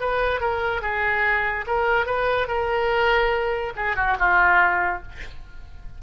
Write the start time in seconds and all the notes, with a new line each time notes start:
0.00 B4
0.41 A#4
0.82 G#4
1.67 A#4
2.06 B4
2.48 A#4
3.76 G#4
3.96 F#4
4.19 F4